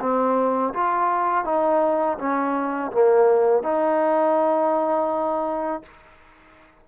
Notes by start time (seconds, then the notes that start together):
0.00 C4
0.74 F4
1.44 D#4
2.18 C#4
2.92 A#3
3.63 D#4